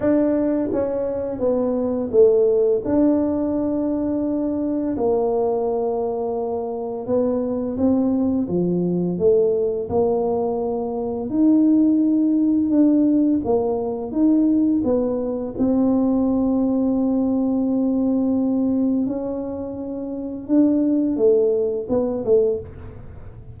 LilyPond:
\new Staff \with { instrumentName = "tuba" } { \time 4/4 \tempo 4 = 85 d'4 cis'4 b4 a4 | d'2. ais4~ | ais2 b4 c'4 | f4 a4 ais2 |
dis'2 d'4 ais4 | dis'4 b4 c'2~ | c'2. cis'4~ | cis'4 d'4 a4 b8 a8 | }